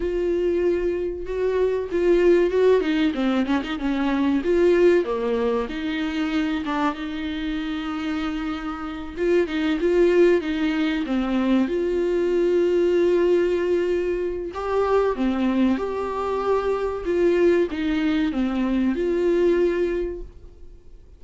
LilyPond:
\new Staff \with { instrumentName = "viola" } { \time 4/4 \tempo 4 = 95 f'2 fis'4 f'4 | fis'8 dis'8 c'8 cis'16 dis'16 cis'4 f'4 | ais4 dis'4. d'8 dis'4~ | dis'2~ dis'8 f'8 dis'8 f'8~ |
f'8 dis'4 c'4 f'4.~ | f'2. g'4 | c'4 g'2 f'4 | dis'4 c'4 f'2 | }